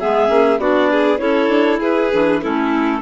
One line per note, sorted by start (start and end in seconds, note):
0.00 0.29 G#3
0.00 0.28 B3
0.00 0.61 G#4
0.00 0.60 E5
0.28 0.59 A#3
0.28 0.58 C#4
0.59 1.20 B3
0.59 1.18 D4
0.59 0.91 F#4
0.59 1.19 D5
0.91 1.21 G#4
1.18 1.49 C#4
1.18 2.09 E4
1.18 1.80 A4
1.18 1.79 C#5
1.49 1.79 D4
1.80 2.13 E4
1.80 2.41 G#4
1.80 2.43 B4
2.13 2.45 E3
2.13 2.43 D4
2.43 3.02 A3
2.43 3.02 C#4
2.43 3.02 E4
2.43 3.02 A4